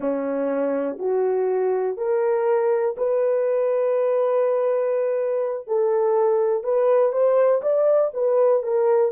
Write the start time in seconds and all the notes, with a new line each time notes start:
0.00 C#4
0.98 F#4
1.97 A#4
2.97 B4
5.67 A4
6.63 B4
7.12 C5
7.62 D5
8.13 B4
8.62 A#4